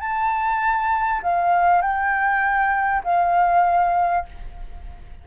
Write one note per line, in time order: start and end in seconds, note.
0.00 1.21 A5
1.23 1.82 F5
1.82 3.03 G5
3.04 4.25 F5